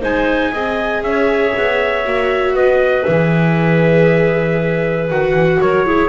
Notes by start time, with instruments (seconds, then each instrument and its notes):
0.00 double bass G#3, viola D#4, clarinet C5, trumpet G#5
0.52 double bass C4, viola G#4, clarinet D#5
1.02 double bass C#4, clarinet C#5, trumpet E5
1.57 double bass B3
2.05 double bass A#3, viola F#4
2.54 double bass B3, clarinet B4, trumpet D#5
3.04 double bass E3, viola G#4, trumpet E5
5.11 double bass D#3, viola F#4, trumpet F#5
5.33 double bass E3
5.61 double bass F#3, clarinet A#4, trumpet C#5
5.86 viola E4, clarinet G#4